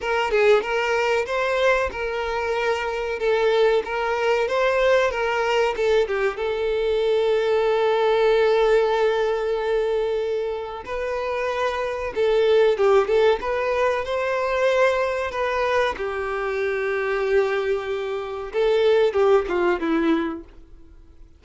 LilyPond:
\new Staff \with { instrumentName = "violin" } { \time 4/4 \tempo 4 = 94 ais'8 gis'8 ais'4 c''4 ais'4~ | ais'4 a'4 ais'4 c''4 | ais'4 a'8 g'8 a'2~ | a'1~ |
a'4 b'2 a'4 | g'8 a'8 b'4 c''2 | b'4 g'2.~ | g'4 a'4 g'8 f'8 e'4 | }